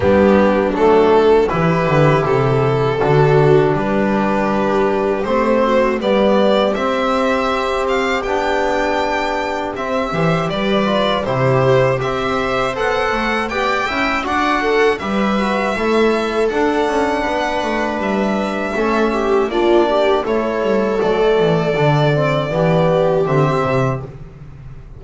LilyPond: <<
  \new Staff \with { instrumentName = "violin" } { \time 4/4 \tempo 4 = 80 g'4 a'4 b'4 a'4~ | a'4 b'2 c''4 | d''4 e''4. f''8 g''4~ | g''4 e''4 d''4 c''4 |
e''4 fis''4 g''4 fis''4 | e''2 fis''2 | e''2 d''4 cis''4 | d''2. e''4 | }
  \new Staff \with { instrumentName = "viola" } { \time 4/4 d'2 g'2 | fis'4 g'2~ g'8 fis'8 | g'1~ | g'4. c''8 b'4 g'4 |
c''2 d''8 e''8 d''8 a'8 | b'4 a'2 b'4~ | b'4 a'8 g'8 f'8 g'8 a'4~ | a'2 g'2 | }
  \new Staff \with { instrumentName = "trombone" } { \time 4/4 b4 a4 e'2 | d'2. c'4 | b4 c'2 d'4~ | d'4 c'8 g'4 f'8 e'4 |
g'4 a'4 g'8 e'8 fis'4 | g'8 fis'8 e'4 d'2~ | d'4 cis'4 d'4 e'4 | a4 d'8 c'8 b4 c'4 | }
  \new Staff \with { instrumentName = "double bass" } { \time 4/4 g4 fis4 e8 d8 c4 | d4 g2 a4 | g4 c'2 b4~ | b4 c'8 e8 g4 c4 |
c'4 b8 a8 b8 cis'8 d'4 | g4 a4 d'8 cis'8 b8 a8 | g4 a4 ais4 a8 g8 | fis8 e8 d4 e4 d8 c8 | }
>>